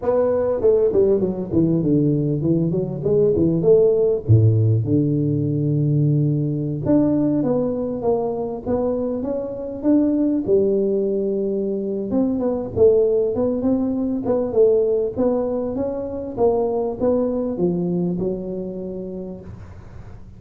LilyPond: \new Staff \with { instrumentName = "tuba" } { \time 4/4 \tempo 4 = 99 b4 a8 g8 fis8 e8 d4 | e8 fis8 gis8 e8 a4 a,4 | d2.~ d16 d'8.~ | d'16 b4 ais4 b4 cis'8.~ |
cis'16 d'4 g2~ g8. | c'8 b8 a4 b8 c'4 b8 | a4 b4 cis'4 ais4 | b4 f4 fis2 | }